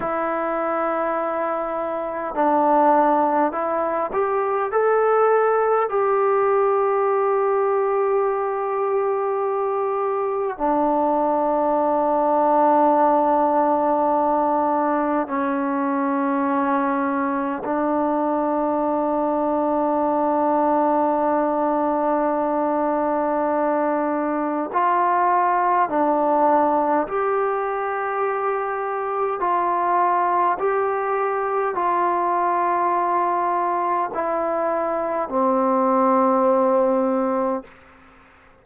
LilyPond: \new Staff \with { instrumentName = "trombone" } { \time 4/4 \tempo 4 = 51 e'2 d'4 e'8 g'8 | a'4 g'2.~ | g'4 d'2.~ | d'4 cis'2 d'4~ |
d'1~ | d'4 f'4 d'4 g'4~ | g'4 f'4 g'4 f'4~ | f'4 e'4 c'2 | }